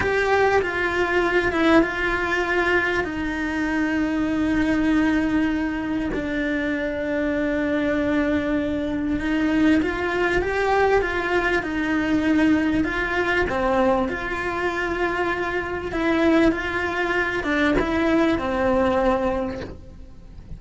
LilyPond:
\new Staff \with { instrumentName = "cello" } { \time 4/4 \tempo 4 = 98 g'4 f'4. e'8 f'4~ | f'4 dis'2.~ | dis'2 d'2~ | d'2. dis'4 |
f'4 g'4 f'4 dis'4~ | dis'4 f'4 c'4 f'4~ | f'2 e'4 f'4~ | f'8 d'8 e'4 c'2 | }